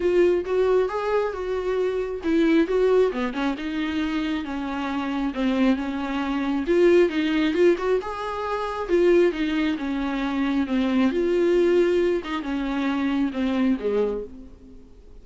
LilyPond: \new Staff \with { instrumentName = "viola" } { \time 4/4 \tempo 4 = 135 f'4 fis'4 gis'4 fis'4~ | fis'4 e'4 fis'4 b8 cis'8 | dis'2 cis'2 | c'4 cis'2 f'4 |
dis'4 f'8 fis'8 gis'2 | f'4 dis'4 cis'2 | c'4 f'2~ f'8 dis'8 | cis'2 c'4 gis4 | }